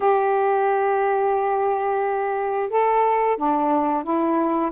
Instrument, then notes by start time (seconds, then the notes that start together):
saxophone
0.00 G4
2.69 A4
3.37 D4
4.03 E4